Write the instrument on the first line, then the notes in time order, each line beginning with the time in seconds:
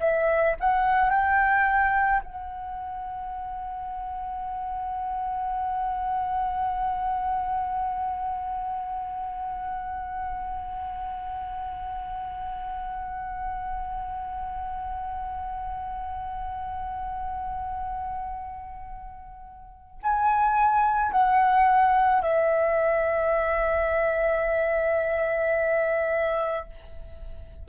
flute
0.00 E5
0.60 F#5
1.10 G5
2.24 F#5
20.03 G#5
21.12 F#5
22.22 E5